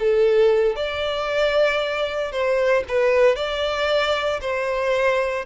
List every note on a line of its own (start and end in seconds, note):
0.00 0.76 A4
0.76 2.32 D5
2.32 2.85 C5
2.89 3.37 B4
3.37 4.41 D5
4.42 5.46 C5